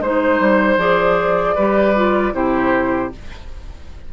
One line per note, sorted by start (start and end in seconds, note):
0.00 0.39 G#3
0.00 0.78 D#4
0.00 1.55 C5
0.00 0.78 C5
0.40 0.77 G3
0.77 1.55 F3
0.77 1.56 G#4
0.77 2.34 D5
1.55 2.33 G3
1.55 1.95 G4
1.55 2.33 B4
1.95 2.33 F4
2.33 3.11 C3
2.33 3.11 E4
2.33 3.13 G4
2.33 3.12 C5